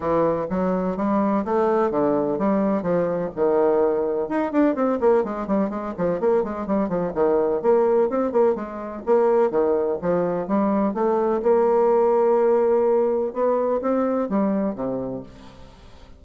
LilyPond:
\new Staff \with { instrumentName = "bassoon" } { \time 4/4 \tempo 4 = 126 e4 fis4 g4 a4 | d4 g4 f4 dis4~ | dis4 dis'8 d'8 c'8 ais8 gis8 g8 | gis8 f8 ais8 gis8 g8 f8 dis4 |
ais4 c'8 ais8 gis4 ais4 | dis4 f4 g4 a4 | ais1 | b4 c'4 g4 c4 | }